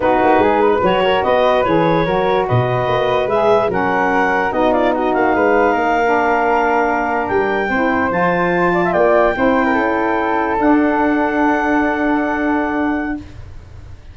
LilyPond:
<<
  \new Staff \with { instrumentName = "clarinet" } { \time 4/4 \tempo 4 = 146 b'2 cis''4 dis''4 | cis''2 dis''2 | e''4 fis''2 dis''8 d''8 | dis''8 f''2.~ f''8~ |
f''4.~ f''16 g''2 a''16~ | a''4.~ a''16 g''2~ g''16~ | g''4.~ g''16 fis''2~ fis''16~ | fis''1 | }
  \new Staff \with { instrumentName = "flute" } { \time 4/4 fis'4 gis'8 b'4 ais'8 b'4~ | b'4 ais'4 b'2~ | b'4 ais'2 fis'8 f'8 | fis'4 b'4 ais'2~ |
ais'2~ ais'8. c''4~ c''16~ | c''4~ c''16 d''16 e''16 d''4 c''8. ais'16 a'16~ | a'1~ | a'1 | }
  \new Staff \with { instrumentName = "saxophone" } { \time 4/4 dis'2 fis'2 | gis'4 fis'2. | gis'4 cis'2 dis'4~ | dis'2~ dis'8. d'4~ d'16~ |
d'2~ d'8. e'4 f'16~ | f'2~ f'8. e'4~ e'16~ | e'4.~ e'16 d'2~ d'16~ | d'1 | }
  \new Staff \with { instrumentName = "tuba" } { \time 4/4 b8 ais8 gis4 fis4 b4 | e4 fis4 b,4 ais4 | gis4 fis2 b4~ | b8 ais8 gis4 ais2~ |
ais4.~ ais16 g4 c'4 f16~ | f4.~ f16 ais4 c'4 cis'16~ | cis'4.~ cis'16 d'2~ d'16~ | d'1 | }
>>